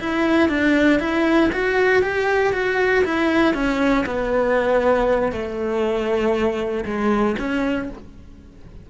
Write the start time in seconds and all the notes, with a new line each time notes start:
0.00 E4
0.49 D4
1.00 E4
1.52 F#4
2.02 G4
2.53 F#4
3.04 E4
3.54 C#4
4.06 B3
5.32 A3
6.85 G#3
7.39 C#4